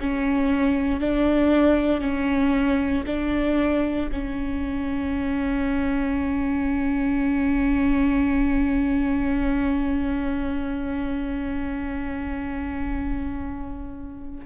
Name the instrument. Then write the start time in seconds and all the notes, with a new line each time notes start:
viola
0.00 C#4
1.00 D4
2.00 C#4
3.06 D4
4.11 C#4